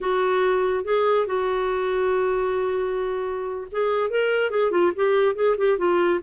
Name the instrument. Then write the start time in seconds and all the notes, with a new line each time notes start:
clarinet
0.00 F#4
0.84 G#4
1.26 F#4
3.71 G#4
4.10 A#4
4.50 G#4
4.71 F4
4.95 G4
5.35 G#4
5.57 G4
5.77 F4